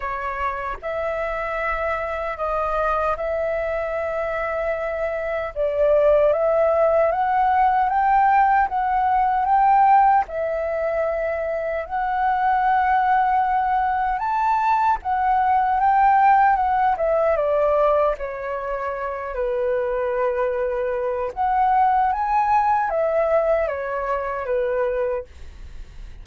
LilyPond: \new Staff \with { instrumentName = "flute" } { \time 4/4 \tempo 4 = 76 cis''4 e''2 dis''4 | e''2. d''4 | e''4 fis''4 g''4 fis''4 | g''4 e''2 fis''4~ |
fis''2 a''4 fis''4 | g''4 fis''8 e''8 d''4 cis''4~ | cis''8 b'2~ b'8 fis''4 | gis''4 e''4 cis''4 b'4 | }